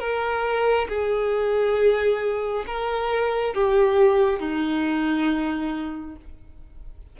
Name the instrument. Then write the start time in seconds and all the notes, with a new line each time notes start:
violin
0.00 A#4
0.89 G#4
2.67 A#4
3.55 G4
4.40 D#4